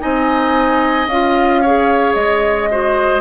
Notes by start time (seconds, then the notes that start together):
0.00 C4 D#4 D#5 G#5
1.07 C#4 F4 F5
1.62 G#4 C#5
2.15 G#3 D#5
2.71 F#4 C5